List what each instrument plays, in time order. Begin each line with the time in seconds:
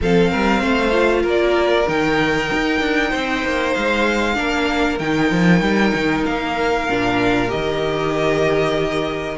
0.01 cello F3, viola C4, violin A4 F5
0.30 cello G3, violin A#4
0.61 cello A3, violin C5
0.91 viola F4
1.22 cello A#3, violin A#4
1.29 violin D5
1.87 cello D#3, viola D#4, violin G5
2.52 cello D#4
2.80 cello D4
3.10 cello C4, violin C5
3.44 cello A#3
3.73 cello G#3, violin F5
4.35 cello A#3, viola D4, violin A#4
4.99 cello D#3, viola D#4, violin G5
5.30 cello F3
5.61 cello G3
5.94 cello D#3
6.25 cello A#3, violin F5
6.90 cello A#2, viola D4
7.48 cello D#3, viola G4, violin D#5